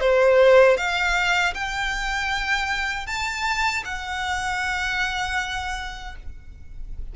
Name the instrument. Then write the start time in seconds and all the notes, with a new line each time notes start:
violin
0.00 C5
0.77 F5
1.54 G5
3.06 A5
3.84 F#5